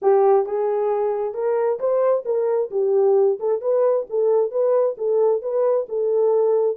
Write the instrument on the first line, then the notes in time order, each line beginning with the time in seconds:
horn
0.01 G4
0.46 G#4
1.33 A#4
1.79 C5
2.25 A#4
2.71 G4
3.39 A4
3.61 B4
4.09 A4
4.51 B4
4.97 A4
5.41 B4
5.88 A4